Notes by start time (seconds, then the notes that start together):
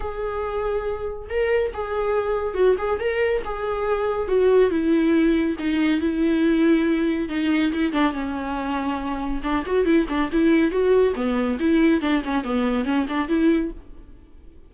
0.00 G#4
1.29 A#4
1.73 G#4
2.54 F#4
2.78 G#4
2.99 A#4
3.44 G#4
4.27 F#4
4.70 E4
5.58 D#4
6.00 E4
7.29 D#4
7.72 E4
7.92 D4
8.12 C#4
9.43 D4
9.66 F#4
9.85 E4
10.08 D4
10.31 E4
10.71 F#4
11.15 B3
11.59 E4
12.01 D4
12.24 C#4
12.44 B3
12.84 C#4
13.08 D4
13.28 E4